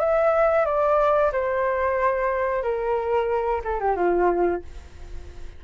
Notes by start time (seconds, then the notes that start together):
0.00 E5
0.66 D5
1.33 C5
2.63 A#4
3.65 A4
3.80 G4
3.97 F4